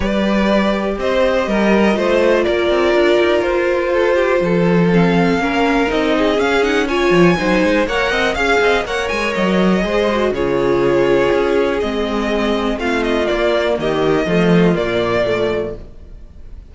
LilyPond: <<
  \new Staff \with { instrumentName = "violin" } { \time 4/4 \tempo 4 = 122 d''2 dis''2~ | dis''4 d''2 c''4~ | c''2 f''2 | dis''4 f''8 fis''8 gis''2 |
fis''4 f''4 fis''8 gis''8 dis''4~ | dis''4 cis''2. | dis''2 f''8 dis''8 d''4 | dis''2 d''2 | }
  \new Staff \with { instrumentName = "violin" } { \time 4/4 b'2 c''4 ais'4 | c''4 ais'2. | a'8 g'8 a'2 ais'4~ | ais'8 gis'4. cis''4 c''4 |
cis''8 dis''8 f''8 dis''8 cis''2 | c''4 gis'2.~ | gis'2 f'2 | g'4 f'2. | }
  \new Staff \with { instrumentName = "viola" } { \time 4/4 g'1 | f'1~ | f'2 c'4 cis'4 | dis'4 cis'8 dis'8 f'4 dis'4 |
ais'4 gis'4 ais'2 | gis'8 fis'8 f'2. | c'2. ais4~ | ais4 a4 ais4 a4 | }
  \new Staff \with { instrumentName = "cello" } { \time 4/4 g2 c'4 g4 | a4 ais8 c'8 d'8 dis'8 f'4~ | f'4 f2 ais4 | c'4 cis'4. f8 fis8 gis8 |
ais8 c'8 cis'8 c'8 ais8 gis8 fis4 | gis4 cis2 cis'4 | gis2 a4 ais4 | dis4 f4 ais,2 | }
>>